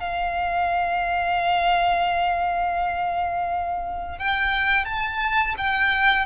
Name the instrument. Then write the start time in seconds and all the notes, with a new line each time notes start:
violin
0.00 F5
4.19 G5
4.86 A5
5.58 G5